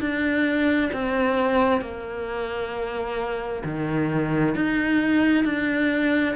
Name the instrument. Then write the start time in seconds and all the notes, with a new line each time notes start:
cello
0.00 D4
0.93 C4
1.81 A#3
3.64 D#3
4.56 D#4
5.45 D4